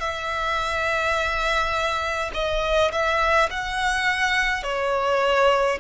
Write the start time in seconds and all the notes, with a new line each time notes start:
0.00 E5
2.34 D#5
2.92 E5
3.50 F#5
4.63 C#5